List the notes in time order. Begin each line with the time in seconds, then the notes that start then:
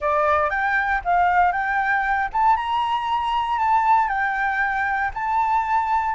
0.00 D5
0.50 G5
1.04 F5
1.52 G5
2.32 A5
2.56 A#5
3.59 A5
4.08 G5
5.14 A5